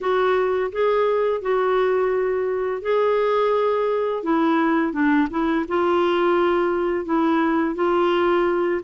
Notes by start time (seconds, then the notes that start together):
0.00 F#4
0.72 G#4
1.41 F#4
2.81 G#4
4.23 E4
4.92 D4
5.30 E4
5.68 F4
7.05 E4
7.75 F4